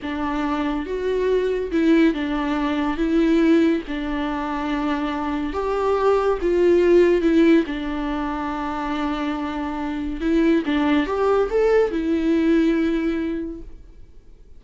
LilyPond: \new Staff \with { instrumentName = "viola" } { \time 4/4 \tempo 4 = 141 d'2 fis'2 | e'4 d'2 e'4~ | e'4 d'2.~ | d'4 g'2 f'4~ |
f'4 e'4 d'2~ | d'1 | e'4 d'4 g'4 a'4 | e'1 | }